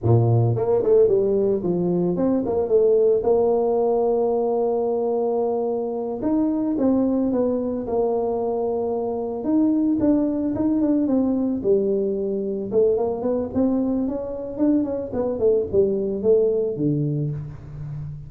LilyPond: \new Staff \with { instrumentName = "tuba" } { \time 4/4 \tempo 4 = 111 ais,4 ais8 a8 g4 f4 | c'8 ais8 a4 ais2~ | ais2.~ ais8 dis'8~ | dis'8 c'4 b4 ais4.~ |
ais4. dis'4 d'4 dis'8 | d'8 c'4 g2 a8 | ais8 b8 c'4 cis'4 d'8 cis'8 | b8 a8 g4 a4 d4 | }